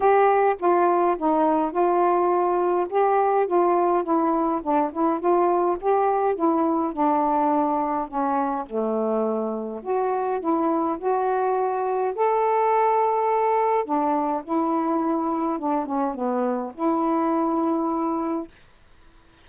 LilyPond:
\new Staff \with { instrumentName = "saxophone" } { \time 4/4 \tempo 4 = 104 g'4 f'4 dis'4 f'4~ | f'4 g'4 f'4 e'4 | d'8 e'8 f'4 g'4 e'4 | d'2 cis'4 a4~ |
a4 fis'4 e'4 fis'4~ | fis'4 a'2. | d'4 e'2 d'8 cis'8 | b4 e'2. | }